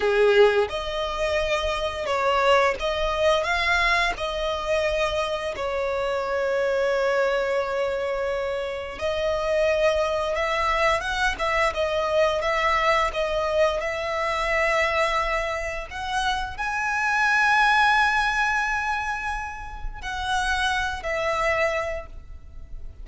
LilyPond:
\new Staff \with { instrumentName = "violin" } { \time 4/4 \tempo 4 = 87 gis'4 dis''2 cis''4 | dis''4 f''4 dis''2 | cis''1~ | cis''4 dis''2 e''4 |
fis''8 e''8 dis''4 e''4 dis''4 | e''2. fis''4 | gis''1~ | gis''4 fis''4. e''4. | }